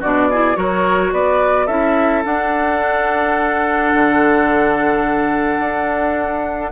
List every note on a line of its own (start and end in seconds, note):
0.00 0.56 B2
0.00 0.32 D4
0.00 0.28 F#4
0.00 0.56 D5
0.31 0.55 E4
0.31 0.58 G#4
0.55 1.12 F#3
0.55 1.67 F#4
0.55 1.13 A#4
0.55 1.12 C#5
1.12 1.68 B3
1.12 1.66 B4
1.12 1.67 D5
1.66 2.24 C#4
1.66 2.25 E4
1.66 6.71 A4
1.66 2.23 E5
2.25 6.72 D4
2.25 3.94 D4
2.25 6.72 F#5
3.94 5.59 D3
5.59 6.71 D4